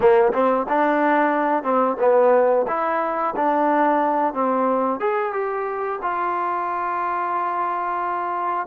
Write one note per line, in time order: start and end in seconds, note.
0.00 0.32 A#3
0.33 0.66 C4
0.68 1.63 D4
1.63 1.96 C4
1.99 2.65 B3
2.67 3.34 E4
3.35 4.33 D4
4.33 4.99 C4
4.99 5.32 G#4
5.32 5.99 G4
6.02 8.66 F4